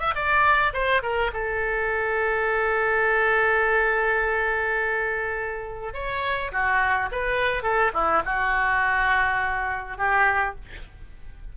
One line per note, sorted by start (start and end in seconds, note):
0.00 0.14 E5
0.15 0.73 D5
0.73 1.02 C5
1.03 1.31 A#4
1.33 5.94 A4
5.94 6.52 C#5
6.52 7.10 F#4
7.12 7.63 B4
7.63 7.92 A4
7.94 8.23 E4
8.25 9.98 F#4
9.98 10.55 G4